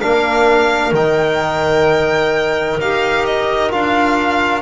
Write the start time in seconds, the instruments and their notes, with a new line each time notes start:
0.00 double bass A#3, trombone D4, clarinet A#4, violin F5
0.92 double bass D#3, trombone D#4, violin G5
2.79 double bass D#4, trombone G4, violin F5
3.25 violin D#5
3.69 double bass D4, trombone F4, violin F5